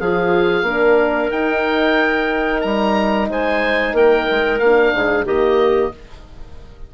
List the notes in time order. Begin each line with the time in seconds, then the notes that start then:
0.00 F3 F4 G#4 F5
0.62 A#3 D4 A#4
1.31 D#4 G5
2.61 G3 A#5
3.29 G#3 C5 G#5
3.93 A#3 A#4 G5
4.30 G#3
4.59 A#3 D4 F5
4.93 G#2 G#4
5.25 D#3 A#3 G4 D#5